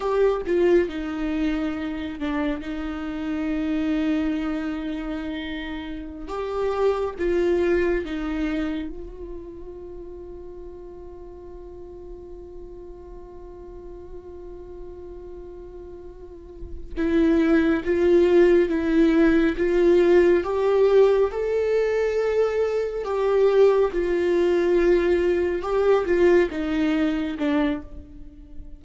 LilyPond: \new Staff \with { instrumentName = "viola" } { \time 4/4 \tempo 4 = 69 g'8 f'8 dis'4. d'8 dis'4~ | dis'2.~ dis'16 g'8.~ | g'16 f'4 dis'4 f'4.~ f'16~ | f'1~ |
f'2.~ f'8 e'8~ | e'8 f'4 e'4 f'4 g'8~ | g'8 a'2 g'4 f'8~ | f'4. g'8 f'8 dis'4 d'8 | }